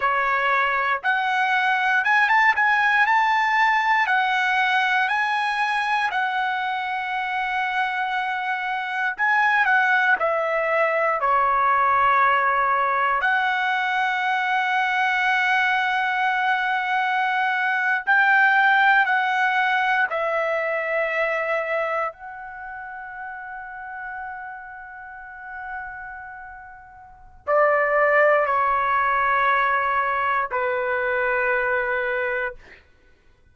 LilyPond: \new Staff \with { instrumentName = "trumpet" } { \time 4/4 \tempo 4 = 59 cis''4 fis''4 gis''16 a''16 gis''8 a''4 | fis''4 gis''4 fis''2~ | fis''4 gis''8 fis''8 e''4 cis''4~ | cis''4 fis''2.~ |
fis''4.~ fis''16 g''4 fis''4 e''16~ | e''4.~ e''16 fis''2~ fis''16~ | fis''2. d''4 | cis''2 b'2 | }